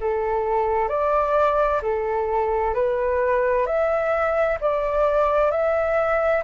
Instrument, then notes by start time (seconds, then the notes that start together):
flute
0.00 A4
0.89 D5
1.82 A4
2.74 B4
3.66 E5
4.61 D5
5.51 E5